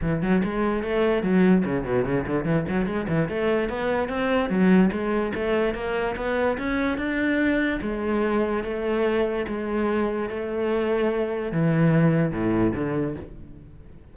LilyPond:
\new Staff \with { instrumentName = "cello" } { \time 4/4 \tempo 4 = 146 e8 fis8 gis4 a4 fis4 | cis8 b,8 cis8 d8 e8 fis8 gis8 e8 | a4 b4 c'4 fis4 | gis4 a4 ais4 b4 |
cis'4 d'2 gis4~ | gis4 a2 gis4~ | gis4 a2. | e2 a,4 d4 | }